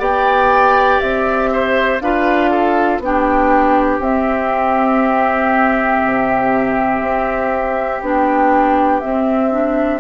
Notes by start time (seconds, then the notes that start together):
0.00 B3 G4 D5 G5
1.01 C4 E5
1.53 C5
2.01 D4 F4 B4 F5
2.51 A4
3.00 B3 D4 G5
3.06 G4
3.99 C4 E5
6.05 C3
7.02 C4
8.02 B3 D4 G5
9.01 C4 E5
9.52 D4